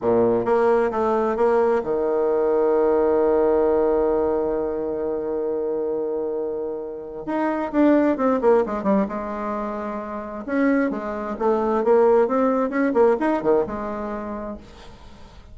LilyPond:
\new Staff \with { instrumentName = "bassoon" } { \time 4/4 \tempo 4 = 132 ais,4 ais4 a4 ais4 | dis1~ | dis1~ | dis1 |
dis'4 d'4 c'8 ais8 gis8 g8 | gis2. cis'4 | gis4 a4 ais4 c'4 | cis'8 ais8 dis'8 dis8 gis2 | }